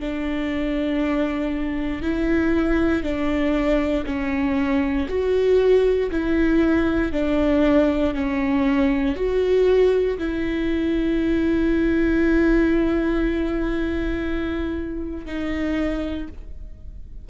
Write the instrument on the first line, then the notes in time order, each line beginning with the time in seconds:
viola
0.00 D4
2.02 E4
3.03 D4
4.05 C#4
5.08 F#4
6.11 E4
7.12 D4
8.14 C#4
9.16 F#4
10.18 E4
15.26 D#4